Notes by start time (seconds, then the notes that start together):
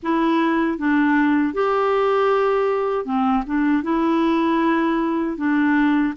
0.02 E4
0.77 D4
1.53 G4
3.05 C4
3.46 D4
3.83 E4
5.37 D4